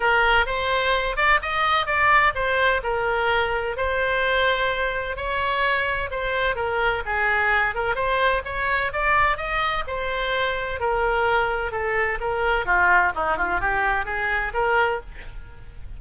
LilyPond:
\new Staff \with { instrumentName = "oboe" } { \time 4/4 \tempo 4 = 128 ais'4 c''4. d''8 dis''4 | d''4 c''4 ais'2 | c''2. cis''4~ | cis''4 c''4 ais'4 gis'4~ |
gis'8 ais'8 c''4 cis''4 d''4 | dis''4 c''2 ais'4~ | ais'4 a'4 ais'4 f'4 | dis'8 f'8 g'4 gis'4 ais'4 | }